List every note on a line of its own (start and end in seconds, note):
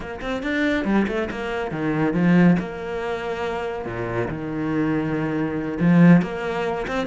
0.00 0.20 A#3
0.21 0.42 C4
0.42 0.85 D4
0.85 1.06 G3
1.07 1.29 A3
1.31 1.71 A#3
1.71 2.13 D#3
2.13 2.56 F3
2.59 3.85 A#3
3.85 4.28 A#2
4.28 5.78 D#3
5.80 6.22 F3
6.22 6.86 A#3
6.87 7.06 C4